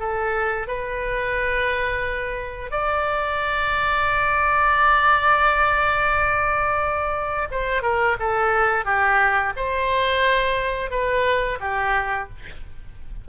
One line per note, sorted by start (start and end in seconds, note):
0.00 0.68 A4
0.68 2.71 B4
2.71 7.49 D5
7.52 7.83 C5
7.83 8.17 A#4
8.20 8.85 A4
8.85 9.53 G4
9.57 10.91 C5
10.91 11.59 B4
11.61 12.29 G4